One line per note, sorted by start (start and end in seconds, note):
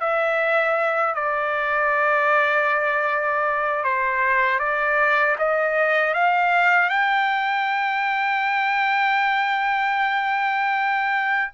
0.00 1.15 E5
1.15 3.84 D5
3.84 4.59 C5
4.59 5.36 D5
5.38 6.14 D#5
6.14 6.90 F5
6.90 11.51 G5